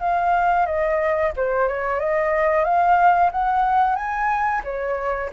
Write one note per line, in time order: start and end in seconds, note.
0.00 0.66 F5
0.66 1.32 D#5
1.36 1.68 C5
1.68 1.99 C#5
1.99 2.64 D#5
2.64 3.30 F5
3.31 3.95 F#5
3.95 4.61 G#5
4.64 5.30 C#5